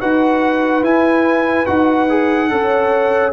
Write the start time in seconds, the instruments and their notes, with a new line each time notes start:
0.00 tuba D#4, trombone F#4, horn B4, trumpet F#5
0.82 tuba E4, trombone E4, trumpet G#5
1.66 tuba D#4, trombone F#4, trumpet F#5
2.09 trombone G#4
2.50 tuba C#4, trombone A4, horn C#5